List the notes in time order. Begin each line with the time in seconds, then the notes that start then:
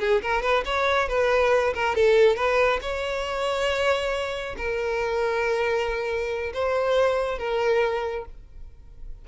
0.00 G#4
0.22 A#4
0.42 B4
0.65 C#5
1.09 B4
1.75 A#4
1.96 A4
2.36 B4
2.82 C#5
4.58 A#4
6.54 C5
7.39 A#4